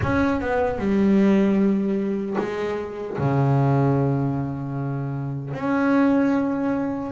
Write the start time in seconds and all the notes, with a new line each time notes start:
0.02 C#4
0.41 B3
0.78 G3
2.38 G#3
3.18 C#3
5.53 C#4